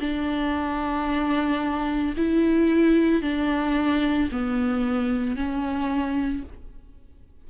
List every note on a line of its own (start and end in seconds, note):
0.00 2.14 D4
2.17 3.22 E4
3.22 4.29 D4
4.31 5.36 B3
5.36 6.43 C#4